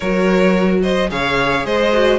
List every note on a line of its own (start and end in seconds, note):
0.00 1.11 F#3
0.00 1.09 F#4
0.00 0.81 A#4
0.00 0.80 C#5
0.82 1.10 C5
0.82 1.10 D#5
1.09 1.64 C#3
1.09 1.91 G#4
1.09 1.65 C#5
1.09 1.65 F5
1.64 2.18 G#3
1.64 2.18 C5
1.64 2.18 D#5
1.92 2.18 F#4